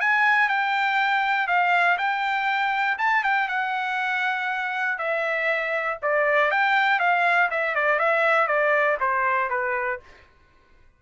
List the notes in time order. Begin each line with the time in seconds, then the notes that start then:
0.00 G#5
0.48 G5
1.47 F5
1.97 G5
2.98 A5
3.23 G5
3.48 F#5
4.98 E5
6.02 D5
6.50 G5
6.99 F5
7.50 E5
7.75 D5
7.99 E5
8.47 D5
9.00 C5
9.49 B4